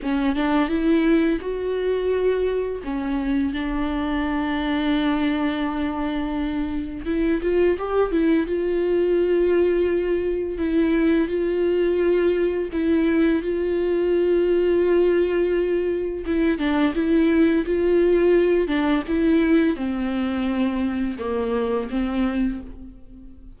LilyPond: \new Staff \with { instrumentName = "viola" } { \time 4/4 \tempo 4 = 85 cis'8 d'8 e'4 fis'2 | cis'4 d'2.~ | d'2 e'8 f'8 g'8 e'8 | f'2. e'4 |
f'2 e'4 f'4~ | f'2. e'8 d'8 | e'4 f'4. d'8 e'4 | c'2 ais4 c'4 | }